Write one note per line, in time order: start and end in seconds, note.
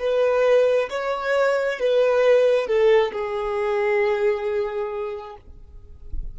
0.00 0.90 B4
0.90 1.80 C#5
1.80 2.67 B4
2.67 3.12 A4
3.13 5.36 G#4